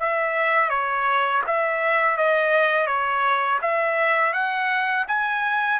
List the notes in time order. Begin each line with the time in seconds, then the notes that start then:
0.00 E5
0.70 C#5
1.47 E5
2.18 D#5
2.87 C#5
3.62 E5
4.33 F#5
5.08 G#5